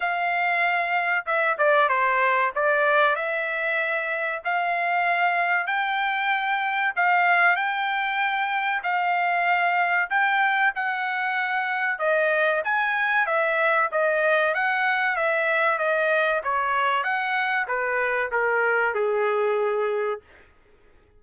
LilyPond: \new Staff \with { instrumentName = "trumpet" } { \time 4/4 \tempo 4 = 95 f''2 e''8 d''8 c''4 | d''4 e''2 f''4~ | f''4 g''2 f''4 | g''2 f''2 |
g''4 fis''2 dis''4 | gis''4 e''4 dis''4 fis''4 | e''4 dis''4 cis''4 fis''4 | b'4 ais'4 gis'2 | }